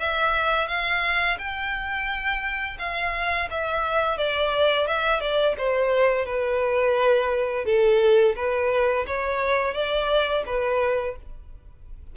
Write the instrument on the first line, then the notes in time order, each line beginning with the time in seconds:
violin
0.00 E5
0.68 F5
1.39 G5
2.79 F5
3.51 E5
4.18 D5
4.87 E5
5.21 D5
5.58 C5
6.26 B4
7.66 A4
8.36 B4
9.07 C#5
9.74 D5
10.47 B4